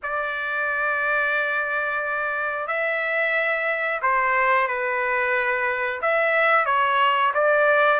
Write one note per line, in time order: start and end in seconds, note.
0.02 2.67 D5
2.67 4.00 E5
4.02 4.67 C5
4.67 6.00 B4
6.01 6.65 E5
6.65 7.32 C#5
7.34 8.00 D5